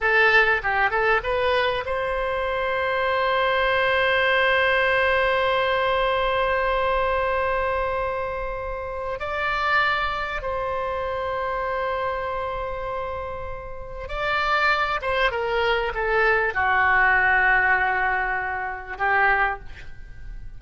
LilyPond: \new Staff \with { instrumentName = "oboe" } { \time 4/4 \tempo 4 = 98 a'4 g'8 a'8 b'4 c''4~ | c''1~ | c''1~ | c''2. d''4~ |
d''4 c''2.~ | c''2. d''4~ | d''8 c''8 ais'4 a'4 fis'4~ | fis'2. g'4 | }